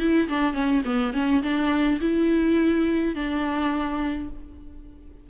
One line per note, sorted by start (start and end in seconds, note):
0.00 0.29 E4
0.29 0.54 D4
0.54 0.82 C#4
0.85 1.14 B3
1.14 1.43 C#4
1.43 2.00 D4
2.01 3.15 E4
3.15 4.30 D4